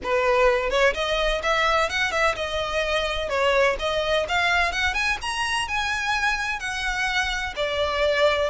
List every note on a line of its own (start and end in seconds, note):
0.03 0.70 B4
0.70 0.93 C#5
0.94 1.41 D#5
1.43 1.89 E5
1.89 2.11 F#5
2.11 2.35 E5
2.35 3.29 D#5
3.29 3.76 C#5
3.79 4.26 D#5
4.28 4.72 F5
4.72 4.93 F#5
4.93 5.17 G#5
5.21 5.67 A#5
5.67 6.59 G#5
6.59 7.54 F#5
7.56 8.50 D5